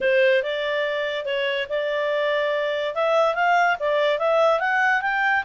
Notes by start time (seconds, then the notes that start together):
0.00 C5
0.42 D5
1.25 C#5
1.69 D5
2.94 E5
3.35 F5
3.79 D5
4.18 E5
4.59 F#5
5.01 G5